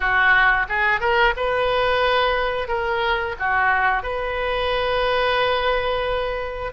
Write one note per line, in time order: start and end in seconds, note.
0.00 0.66 F#4
0.68 1.00 G#4
1.00 1.34 A#4
1.36 2.68 B4
2.68 3.35 A#4
3.39 4.02 F#4
4.02 6.72 B4